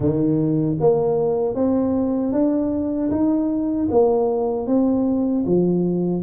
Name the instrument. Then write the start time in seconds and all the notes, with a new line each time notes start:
tuba
0.00 D#3
0.80 A#3
1.54 C4
2.32 D4
3.10 D#4
3.90 A#3
4.66 C4
5.45 F3